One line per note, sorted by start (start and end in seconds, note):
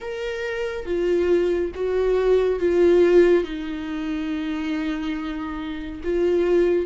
0.00 0.85 A#4
0.85 1.71 F4
1.74 2.59 F#4
2.59 3.44 F4
3.44 6.01 D#4
6.03 6.86 F4